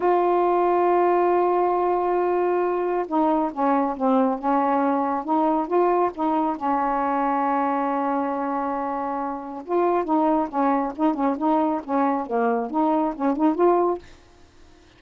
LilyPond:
\new Staff \with { instrumentName = "saxophone" } { \time 4/4 \tempo 4 = 137 f'1~ | f'2. dis'4 | cis'4 c'4 cis'2 | dis'4 f'4 dis'4 cis'4~ |
cis'1~ | cis'2 f'4 dis'4 | cis'4 dis'8 cis'8 dis'4 cis'4 | ais4 dis'4 cis'8 dis'8 f'4 | }